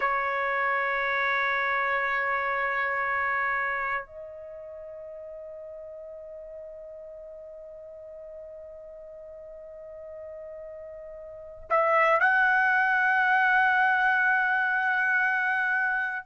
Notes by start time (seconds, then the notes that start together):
0.00 C#5
4.06 D#5
11.69 E5
12.20 F#5